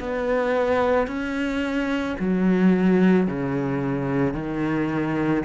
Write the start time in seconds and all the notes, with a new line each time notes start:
0.00 B3
1.08 C#4
2.20 F#3
3.27 C#3
4.34 D#3